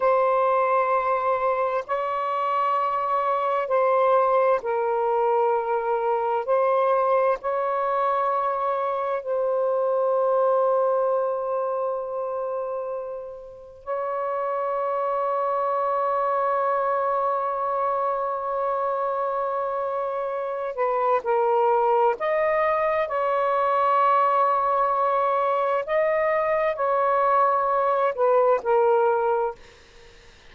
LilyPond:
\new Staff \with { instrumentName = "saxophone" } { \time 4/4 \tempo 4 = 65 c''2 cis''2 | c''4 ais'2 c''4 | cis''2 c''2~ | c''2. cis''4~ |
cis''1~ | cis''2~ cis''8 b'8 ais'4 | dis''4 cis''2. | dis''4 cis''4. b'8 ais'4 | }